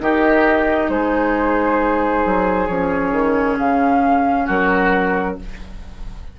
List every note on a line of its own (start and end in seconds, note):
0.00 0.89 D#3
0.00 2.69 D#4
0.00 0.91 G4
0.00 0.90 D#5
0.89 2.23 G#3
0.89 4.46 G#4
0.89 2.68 C5
2.26 2.69 F#3
2.68 3.12 F3
2.68 5.40 C#4
2.68 3.57 C#5
3.12 3.57 D#3
3.59 4.48 C#3
3.59 4.49 F5
4.46 5.38 F#3
4.46 5.35 F#4
4.46 5.38 A#4